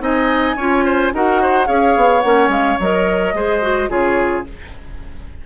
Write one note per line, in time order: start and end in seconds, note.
0.00 0.56 C4
0.00 0.56 D#4
0.00 0.56 D#5
0.00 1.14 G#5
0.56 1.12 C#4
0.56 1.13 F4
0.56 0.84 C#5
0.84 1.12 C5
1.13 1.68 D#4
1.13 1.66 F#4
1.13 1.42 A#4
1.13 1.67 F#5
1.42 1.67 C5
1.66 1.96 C#4
1.66 2.21 G#4
1.66 3.34 C#5
1.66 2.21 F5
1.96 2.24 B3
2.21 2.48 A#3
2.21 2.79 C#4
2.21 2.48 F#5
2.48 2.76 G#3
2.48 2.79 F5
2.80 3.33 F#3
2.80 3.35 A#4
2.80 3.91 D#5
3.33 3.89 G#3
3.33 3.62 G#4
3.33 3.90 C5
3.62 3.89 F#4
3.89 4.45 C#3
3.89 4.44 F4
3.89 4.45 G#4
3.89 4.46 C#5